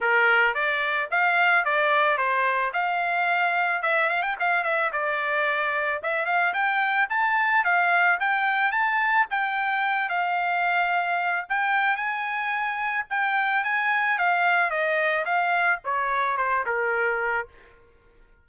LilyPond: \new Staff \with { instrumentName = "trumpet" } { \time 4/4 \tempo 4 = 110 ais'4 d''4 f''4 d''4 | c''4 f''2 e''8 f''16 g''16 | f''8 e''8 d''2 e''8 f''8 | g''4 a''4 f''4 g''4 |
a''4 g''4. f''4.~ | f''4 g''4 gis''2 | g''4 gis''4 f''4 dis''4 | f''4 cis''4 c''8 ais'4. | }